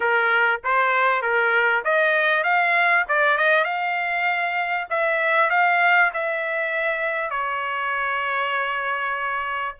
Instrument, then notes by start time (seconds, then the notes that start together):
trumpet
0.00 A#4
0.63 C5
1.22 A#4
1.84 D#5
2.43 F5
3.08 D5
3.37 D#5
3.64 F5
4.90 E5
5.50 F5
6.13 E5
7.30 C#5